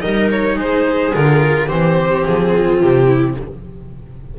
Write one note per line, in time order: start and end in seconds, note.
0.00 0.57 G3
0.00 1.12 D#4
0.00 0.56 A#4
0.00 0.29 D#5
0.31 0.59 C#5
0.56 1.14 G#3
0.56 1.67 G#4
0.56 1.14 C5
1.14 1.69 D3
1.14 1.68 F4
1.14 1.69 A#4
1.67 2.25 E3
1.67 3.36 C4
1.67 2.51 G4
1.67 2.25 C5
2.26 2.83 F3
2.26 2.81 G#4
2.53 3.07 F4
2.81 3.39 C3
2.81 3.37 G4
3.07 3.35 E4